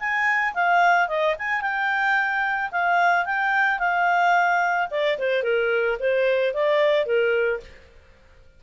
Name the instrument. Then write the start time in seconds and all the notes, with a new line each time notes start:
clarinet
0.00 G#5
0.55 F5
1.09 D#5
1.39 G#5
1.62 G5
2.72 F5
3.26 G5
3.80 F5
4.91 D5
5.19 C5
5.44 A#4
6.00 C5
6.54 D5
7.06 A#4